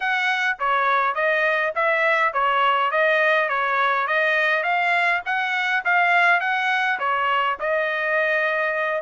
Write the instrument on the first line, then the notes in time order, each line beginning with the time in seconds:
trumpet
0.00 F#5
0.59 C#5
1.14 D#5
1.75 E5
2.33 C#5
2.91 D#5
3.48 C#5
4.07 D#5
4.63 F5
5.25 F#5
5.85 F5
6.40 F#5
6.99 C#5
7.59 D#5